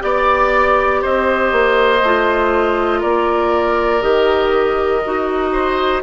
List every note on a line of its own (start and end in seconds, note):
0.00 1.04 B3
0.00 2.00 G4
0.00 1.03 D5
0.00 1.02 D5
1.02 1.52 C4
1.02 3.00 C5
1.02 3.02 D#5
1.52 2.02 A#3
2.02 3.02 A3
2.02 4.01 F4
3.00 4.03 A#3
3.00 5.50 A#4
3.00 4.02 D5
4.01 5.03 D#3
4.01 5.01 G4
4.01 6.02 D#5
5.05 6.03 D#4
5.05 6.03 F#4
5.53 6.03 C5